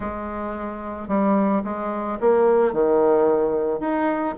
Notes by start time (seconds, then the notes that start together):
0.00 G#3
1.08 G3
1.63 G#3
2.20 A#3
2.72 D#3
3.80 D#4